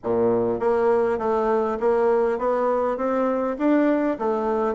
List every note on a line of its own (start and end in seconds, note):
0.03 0.59 A#2
0.59 1.18 A#3
1.18 1.78 A3
1.80 2.38 A#3
2.38 2.97 B3
2.97 3.56 C4
3.58 4.17 D4
4.18 4.74 A3